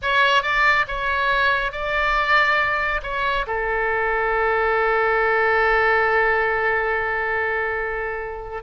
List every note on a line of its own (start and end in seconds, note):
0.01 0.42 C#5
0.42 0.85 D5
0.87 1.71 C#5
1.71 3.01 D5
3.02 3.45 C#5
3.46 8.62 A4